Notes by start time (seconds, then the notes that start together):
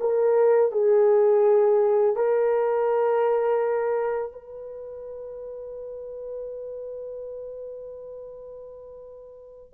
0.00 A#4
0.72 G#4
2.16 A#4
4.32 B4